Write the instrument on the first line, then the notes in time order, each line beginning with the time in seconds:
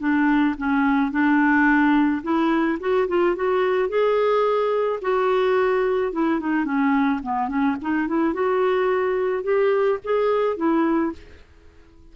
clarinet
0.00 D4
0.58 C#4
1.11 D4
2.23 E4
2.81 F#4
3.08 F4
3.36 F#4
3.89 G#4
5.02 F#4
6.13 E4
6.40 D#4
6.65 C#4
7.23 B3
7.49 C#4
7.82 D#4
8.08 E4
8.34 F#4
9.44 G4
10.04 G#4
10.57 E4